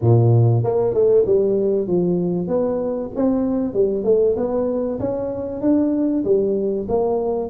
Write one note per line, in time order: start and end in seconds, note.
0.01 0.63 A#2
0.63 0.94 A#3
0.94 1.25 A3
1.26 1.87 G3
1.87 2.47 F3
2.47 3.10 B3
3.15 3.73 C4
3.73 4.03 G3
4.03 4.35 A3
4.36 4.99 B3
4.99 5.61 C#4
5.61 6.23 D4
6.24 6.87 G3
6.88 7.49 A#3